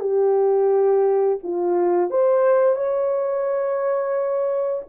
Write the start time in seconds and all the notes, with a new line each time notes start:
0.00 G4
1.43 F4
2.10 C5
2.75 C#5